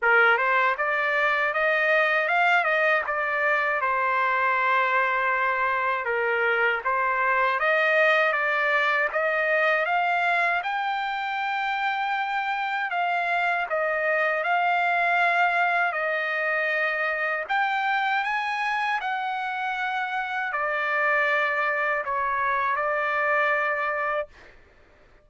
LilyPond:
\new Staff \with { instrumentName = "trumpet" } { \time 4/4 \tempo 4 = 79 ais'8 c''8 d''4 dis''4 f''8 dis''8 | d''4 c''2. | ais'4 c''4 dis''4 d''4 | dis''4 f''4 g''2~ |
g''4 f''4 dis''4 f''4~ | f''4 dis''2 g''4 | gis''4 fis''2 d''4~ | d''4 cis''4 d''2 | }